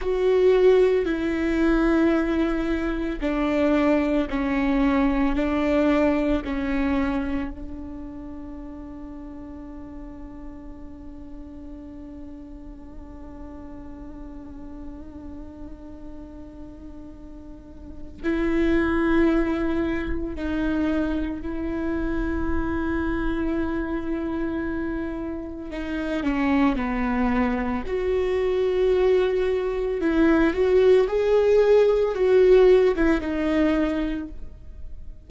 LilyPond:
\new Staff \with { instrumentName = "viola" } { \time 4/4 \tempo 4 = 56 fis'4 e'2 d'4 | cis'4 d'4 cis'4 d'4~ | d'1~ | d'1~ |
d'4 e'2 dis'4 | e'1 | dis'8 cis'8 b4 fis'2 | e'8 fis'8 gis'4 fis'8. e'16 dis'4 | }